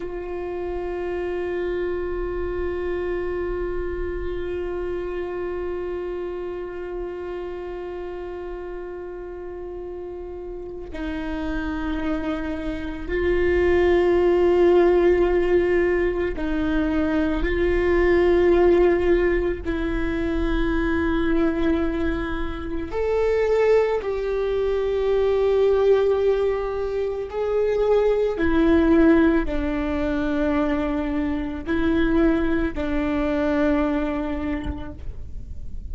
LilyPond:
\new Staff \with { instrumentName = "viola" } { \time 4/4 \tempo 4 = 55 f'1~ | f'1~ | f'2 dis'2 | f'2. dis'4 |
f'2 e'2~ | e'4 a'4 g'2~ | g'4 gis'4 e'4 d'4~ | d'4 e'4 d'2 | }